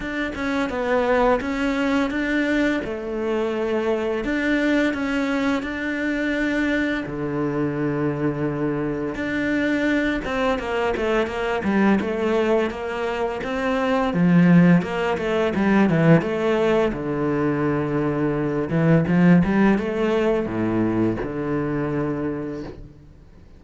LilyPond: \new Staff \with { instrumentName = "cello" } { \time 4/4 \tempo 4 = 85 d'8 cis'8 b4 cis'4 d'4 | a2 d'4 cis'4 | d'2 d2~ | d4 d'4. c'8 ais8 a8 |
ais8 g8 a4 ais4 c'4 | f4 ais8 a8 g8 e8 a4 | d2~ d8 e8 f8 g8 | a4 a,4 d2 | }